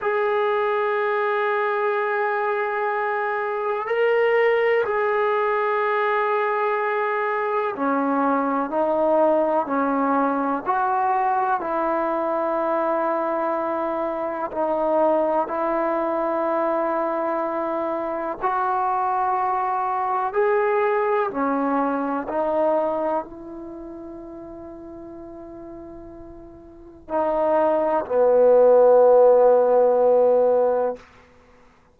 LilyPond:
\new Staff \with { instrumentName = "trombone" } { \time 4/4 \tempo 4 = 62 gis'1 | ais'4 gis'2. | cis'4 dis'4 cis'4 fis'4 | e'2. dis'4 |
e'2. fis'4~ | fis'4 gis'4 cis'4 dis'4 | e'1 | dis'4 b2. | }